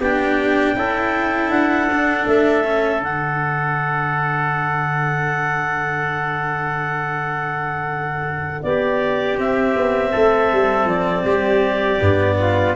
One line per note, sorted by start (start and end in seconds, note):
0.00 0.75 B3
0.00 0.76 D4
0.00 0.75 G4
0.00 1.51 G5
0.76 1.50 C#4
0.76 1.89 E4
0.76 8.65 A4
1.50 2.25 D4
1.50 2.26 F#5
1.93 2.64 D4
2.27 3.02 A3
2.27 3.03 E5
2.64 3.02 C#4
3.02 8.63 D3
3.02 9.38 D4
3.02 8.63 F#5
8.63 9.38 B3
8.63 10.12 G4
8.63 9.38 D5
9.38 12.00 C4
9.38 9.76 C4
9.38 10.89 E5
9.77 10.14 B3
10.12 10.53 A3
10.12 11.24 A4
10.53 10.85 G3
10.85 11.23 F3
10.85 12.76 D5
11.25 12.00 G3
11.25 12.38 G4
12.01 12.76 G2
12.01 12.76 B3
12.40 12.76 F4